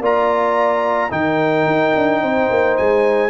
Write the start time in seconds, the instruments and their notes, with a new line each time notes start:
0.00 tuba A#3, trombone F4, horn D5, trumpet A#5
1.10 tuba D#3, trombone D#4, horn A#4, trumpet G5
1.66 tuba D#4
1.95 tuba D4
2.22 tuba C4, horn C5
2.50 tuba A#3
2.77 tuba G#3, trumpet G#5